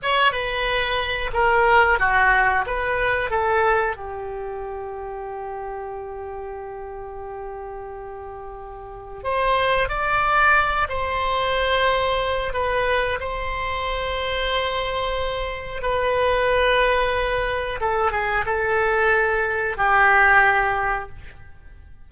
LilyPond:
\new Staff \with { instrumentName = "oboe" } { \time 4/4 \tempo 4 = 91 cis''8 b'4. ais'4 fis'4 | b'4 a'4 g'2~ | g'1~ | g'2 c''4 d''4~ |
d''8 c''2~ c''8 b'4 | c''1 | b'2. a'8 gis'8 | a'2 g'2 | }